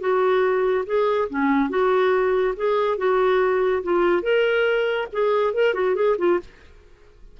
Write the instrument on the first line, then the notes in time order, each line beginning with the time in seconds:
clarinet
0.00 F#4
0.86 G#4
1.30 C#4
1.70 F#4
2.56 G#4
2.98 F#4
3.84 F4
4.23 A#4
5.13 G#4
5.54 A#4
5.74 F#4
5.96 G#4
6.18 F4